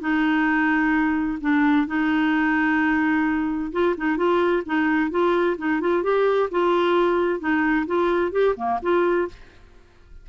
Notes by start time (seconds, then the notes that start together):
0.00 D#4
1.41 D4
1.87 D#4
3.72 F4
3.97 D#4
4.17 F4
4.66 D#4
5.10 F4
5.58 D#4
5.80 F4
6.03 G4
6.51 F4
7.40 D#4
7.87 F4
8.32 G4
8.56 A#3
8.82 F4